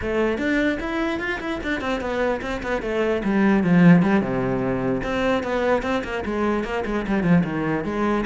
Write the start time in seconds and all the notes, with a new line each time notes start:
0.01 A3
0.37 D4
0.80 E4
1.19 F4
1.39 E4
1.63 D4
1.80 C4
2.00 B3
2.41 C4
2.62 B3
2.82 A3
3.24 G3
3.63 F3
4.02 G3
4.21 C3
5.03 C4
5.43 B3
5.82 C4
6.04 A#3
6.25 G#3
6.64 A#3
6.85 G#3
7.07 G3
7.23 F3
7.44 D#3
7.84 G#3